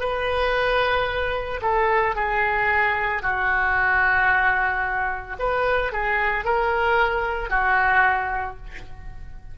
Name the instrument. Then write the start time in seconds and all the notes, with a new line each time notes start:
oboe
0.00 B4
1.62 A4
2.15 G#4
3.22 F#4
5.39 B4
5.92 G#4
6.45 A#4
7.50 F#4